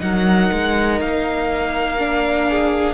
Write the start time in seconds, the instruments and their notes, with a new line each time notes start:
0.00 cello F#3, viola D#4, violin A#4 F#5
0.52 cello G#3
1.01 cello A#3, violin F5
1.99 viola D4
2.48 violin G#4